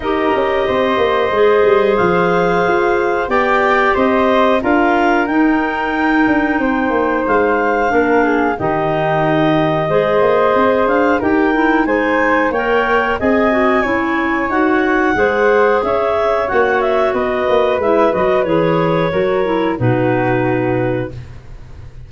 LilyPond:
<<
  \new Staff \with { instrumentName = "clarinet" } { \time 4/4 \tempo 4 = 91 dis''2. f''4~ | f''4 g''4 dis''4 f''4 | g''2. f''4~ | f''4 dis''2.~ |
dis''8 f''8 g''4 gis''4 g''4 | gis''2 fis''2 | e''4 fis''8 e''8 dis''4 e''8 dis''8 | cis''2 b'2 | }
  \new Staff \with { instrumentName = "flute" } { \time 4/4 ais'4 c''2.~ | c''4 d''4 c''4 ais'4~ | ais'2 c''2 | ais'8 gis'8 g'2 c''4~ |
c''4 ais'4 c''4 cis''4 | dis''4 cis''2 c''4 | cis''2 b'2~ | b'4 ais'4 fis'2 | }
  \new Staff \with { instrumentName = "clarinet" } { \time 4/4 g'2 gis'2~ | gis'4 g'2 f'4 | dis'1 | d'4 dis'2 gis'4~ |
gis'4 g'8 e'8 dis'4 ais'4 | gis'8 fis'8 e'4 fis'4 gis'4~ | gis'4 fis'2 e'8 fis'8 | gis'4 fis'8 e'8 dis'2 | }
  \new Staff \with { instrumentName = "tuba" } { \time 4/4 dis'8 cis'8 c'8 ais8 gis8 g8 f4 | f'4 b4 c'4 d'4 | dis'4. d'8 c'8 ais8 gis4 | ais4 dis2 gis8 ais8 |
c'8 d'8 dis'4 gis4 ais4 | c'4 cis'4 dis'4 gis4 | cis'4 ais4 b8 ais8 gis8 fis8 | e4 fis4 b,2 | }
>>